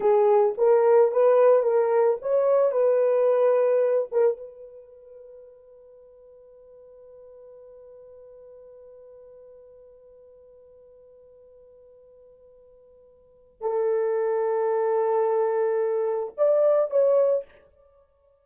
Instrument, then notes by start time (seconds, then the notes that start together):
horn
0.00 G#4
0.57 A#4
1.11 B4
1.62 A#4
2.21 C#5
2.71 B4
4.11 A#4
4.37 B4
13.61 A4
16.37 D5
16.90 C#5